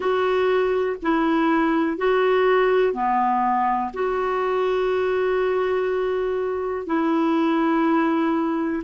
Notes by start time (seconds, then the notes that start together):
0.00 F#4
1.02 E4
1.97 F#4
2.93 B3
3.93 F#4
6.86 E4